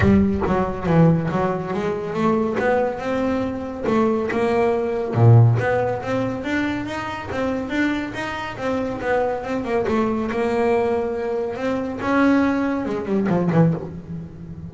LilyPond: \new Staff \with { instrumentName = "double bass" } { \time 4/4 \tempo 4 = 140 g4 fis4 e4 fis4 | gis4 a4 b4 c'4~ | c'4 a4 ais2 | ais,4 b4 c'4 d'4 |
dis'4 c'4 d'4 dis'4 | c'4 b4 c'8 ais8 a4 | ais2. c'4 | cis'2 gis8 g8 f8 e8 | }